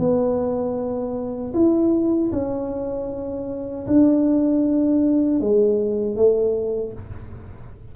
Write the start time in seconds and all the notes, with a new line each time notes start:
0.00 B3
1.55 E4
2.33 C#4
3.87 D4
5.41 G#3
6.16 A3